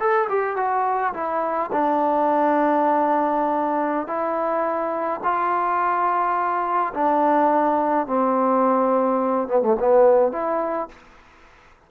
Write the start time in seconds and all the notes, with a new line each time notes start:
0.00 A4
0.30 G4
0.57 F#4
1.14 E4
1.73 D4
4.08 E4
5.24 F4
6.94 D4
8.07 C4
9.48 B3
9.63 A3
9.80 B3
10.32 E4